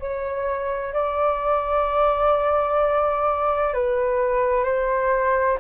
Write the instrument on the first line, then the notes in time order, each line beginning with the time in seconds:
flute
0.00 C#5
0.94 D5
3.74 B4
4.64 C5